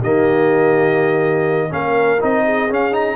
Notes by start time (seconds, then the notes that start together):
0.00 D#3 A#3 G4 D#5
1.70 A#3 C#4 A#4 F5
2.20 C4 D#4 D#5
2.44 G#4
2.70 C#4 F5
2.92 D#4 A#5